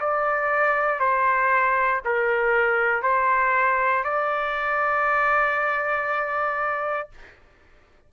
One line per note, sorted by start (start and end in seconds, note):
0.00 0.99 D5
0.99 2.01 C5
2.05 3.02 A#4
3.02 4.04 C5
4.04 7.09 D5